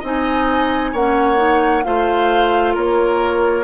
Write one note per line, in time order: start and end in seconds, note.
0.00 0.93 C4
0.00 0.95 D#4
0.00 0.91 D#5
0.00 0.96 G#5
0.93 1.84 A#3
0.93 1.37 C#4
0.93 1.84 C#5
0.93 1.84 F#5
1.37 1.82 D#4
1.84 2.76 A3
1.84 3.64 F4
1.84 2.74 C5
1.84 2.75 F5
2.74 3.64 A#3
2.74 3.64 A#4
2.74 3.64 C#5